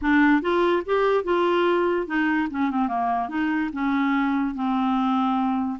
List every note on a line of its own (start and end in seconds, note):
0.01 0.41 D4
0.41 0.83 F4
0.85 1.24 G4
1.24 2.06 F4
2.07 2.48 D#4
2.50 2.70 C#4
2.70 2.88 C4
2.88 3.29 A#3
3.29 3.70 D#4
3.73 4.54 C#4
4.54 5.78 C4